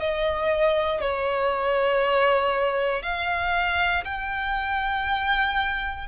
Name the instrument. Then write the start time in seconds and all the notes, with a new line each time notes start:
violin
0.00 D#5
1.01 C#5
3.03 F5
4.05 G5